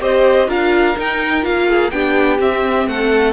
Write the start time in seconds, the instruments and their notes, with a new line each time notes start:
0.00 cello C4, viola G4, violin C5 D#5
0.47 cello D4, viola F4, violin A#4 F5
0.97 viola D#4, cello D#4, violin G5
1.42 cello A#3, viola F4, violin F5
1.68 violin G#4
1.91 cello B3, viola D4, violin G4 G5
2.39 viola C4, cello C4, violin E5
2.87 cello A3, violin A4 F#5